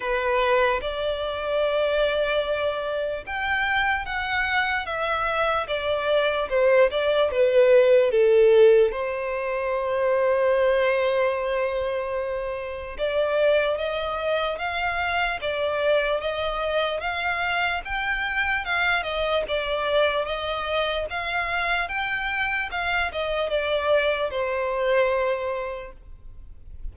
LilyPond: \new Staff \with { instrumentName = "violin" } { \time 4/4 \tempo 4 = 74 b'4 d''2. | g''4 fis''4 e''4 d''4 | c''8 d''8 b'4 a'4 c''4~ | c''1 |
d''4 dis''4 f''4 d''4 | dis''4 f''4 g''4 f''8 dis''8 | d''4 dis''4 f''4 g''4 | f''8 dis''8 d''4 c''2 | }